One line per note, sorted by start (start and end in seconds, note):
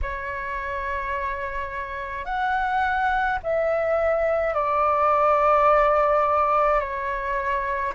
0.02 2.25 C#5
2.25 3.38 F#5
3.43 4.54 E5
4.54 6.79 D5
6.79 7.92 C#5